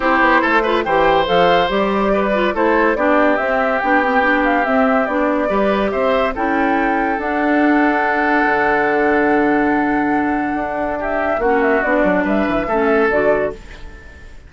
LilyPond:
<<
  \new Staff \with { instrumentName = "flute" } { \time 4/4 \tempo 4 = 142 c''2 g''4 f''4 | d''2 c''4 d''4 | e''4 g''4. f''8 e''4 | d''2 e''4 g''4~ |
g''4 fis''2.~ | fis''1~ | fis''2 e''4 fis''8 e''8 | d''4 e''2 d''4 | }
  \new Staff \with { instrumentName = "oboe" } { \time 4/4 g'4 a'8 b'8 c''2~ | c''4 b'4 a'4 g'4~ | g'1~ | g'4 b'4 c''4 a'4~ |
a'1~ | a'1~ | a'2 g'4 fis'4~ | fis'4 b'4 a'2 | }
  \new Staff \with { instrumentName = "clarinet" } { \time 4/4 e'4. f'8 g'4 a'4 | g'4. f'8 e'4 d'4 | c'4 d'8 c'8 d'4 c'4 | d'4 g'2 e'4~ |
e'4 d'2.~ | d'1~ | d'2. cis'4 | d'2 cis'4 fis'4 | }
  \new Staff \with { instrumentName = "bassoon" } { \time 4/4 c'8 b8 a4 e4 f4 | g2 a4 b4 | c'4 b2 c'4 | b4 g4 c'4 cis'4~ |
cis'4 d'2. | d1~ | d4 d'2 ais4 | b8 fis8 g8 e8 a4 d4 | }
>>